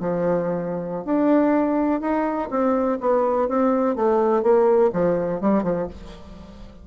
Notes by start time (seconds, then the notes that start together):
0.00 F3
1.05 D4
2.01 D#4
2.50 C4
3.01 B3
3.48 C4
3.96 A3
4.43 A#3
4.93 F3
5.41 G3
5.63 F3